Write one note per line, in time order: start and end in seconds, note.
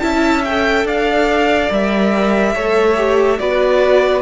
0.00 0.85 C#4
0.00 0.43 E4
0.00 0.87 E5
0.00 0.42 A5
0.45 1.70 A4
0.45 0.87 G5
0.85 1.69 D4
0.85 2.55 D5
0.85 1.72 F5
1.70 2.55 G3
1.70 2.55 A#4
1.70 3.39 E5
2.55 3.40 A3
2.55 2.96 A4
2.55 3.39 C#5
2.96 3.39 G4
3.39 4.22 B3
3.39 4.22 F#4
3.39 4.22 B4
3.39 4.22 D5